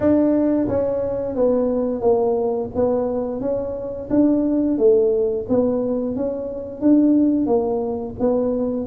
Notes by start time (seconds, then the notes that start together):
0.00 D4
0.68 C#4
1.35 B3
2.01 A#3
2.75 B3
3.40 C#4
4.09 D4
4.77 A3
5.49 B3
6.15 C#4
6.81 D4
7.46 A#3
8.19 B3